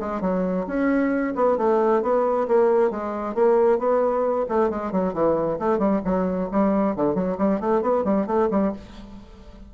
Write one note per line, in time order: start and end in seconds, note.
0.00 0.21 G#3
0.21 0.66 F#3
0.67 1.34 C#4
1.36 1.58 B3
1.58 2.02 A3
2.02 2.47 B3
2.48 2.91 A#3
2.91 3.35 G#3
3.35 3.79 A#3
3.79 4.46 B3
4.49 4.70 A3
4.70 4.92 G#3
4.92 5.14 F#3
5.14 5.58 E3
5.59 5.79 A3
5.79 6.01 G3
6.05 6.50 F#3
6.52 6.96 G3
6.96 7.15 D3
7.15 7.37 F#3
7.38 7.60 G3
7.60 7.82 A3
7.82 8.05 B3
8.05 8.27 G3
8.27 8.49 A3
8.51 8.73 G3